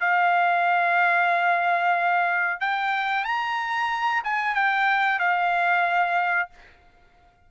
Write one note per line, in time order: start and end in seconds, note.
0.00 2.60 F5
2.60 3.24 G5
3.24 4.22 A#5
4.24 4.54 G#5
4.54 5.19 G5
5.19 6.50 F5